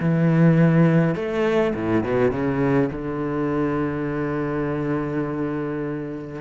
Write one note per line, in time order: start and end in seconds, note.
0.00 1.15 E3
1.15 1.74 A3
1.75 2.04 A2
2.04 2.31 B2
2.31 2.90 C#3
2.92 6.41 D3